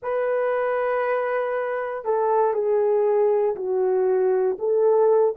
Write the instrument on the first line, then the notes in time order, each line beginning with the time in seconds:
horn
0.02 B4
2.05 A4
2.53 G#4
3.55 F#4
4.58 A4